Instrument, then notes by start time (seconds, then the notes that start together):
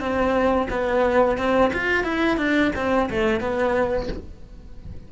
cello
0.00 C4
0.70 B3
1.38 C4
1.73 F4
2.04 E4
2.37 D4
2.76 C4
3.10 A3
3.40 B3